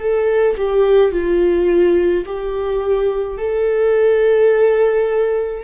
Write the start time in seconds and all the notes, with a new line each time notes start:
0.00 A4
0.57 G4
1.12 F4
2.26 G4
3.38 A4